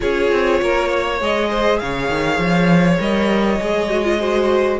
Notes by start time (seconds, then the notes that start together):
0.00 C#4 F4 G#4 C#5
0.31 C4
0.61 A#3 A#4
0.88 C#5
1.20 G#3 G#4 D#5
1.50 C5
1.79 C#3 C#5 F5
2.09 D#3
2.38 F3
2.98 G3 A#4 D#5
3.60 G#3 G#4
3.90 F#4
4.04 F4
4.19 F#4 C5